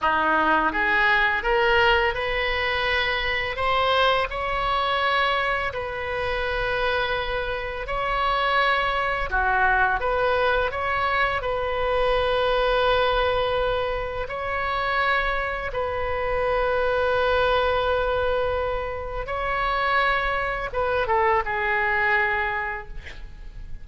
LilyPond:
\new Staff \with { instrumentName = "oboe" } { \time 4/4 \tempo 4 = 84 dis'4 gis'4 ais'4 b'4~ | b'4 c''4 cis''2 | b'2. cis''4~ | cis''4 fis'4 b'4 cis''4 |
b'1 | cis''2 b'2~ | b'2. cis''4~ | cis''4 b'8 a'8 gis'2 | }